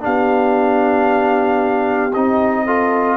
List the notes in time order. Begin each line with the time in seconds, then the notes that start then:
0.00 B3 D4 G4 F5
2.14 C4 D#4 D#5
2.66 F4 A4